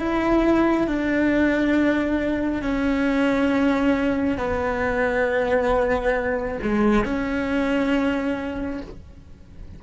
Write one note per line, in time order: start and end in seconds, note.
0.00 0.88 E4
0.88 2.62 D4
2.62 4.38 C#4
4.38 6.59 B3
6.63 7.05 G#3
7.05 8.82 C#4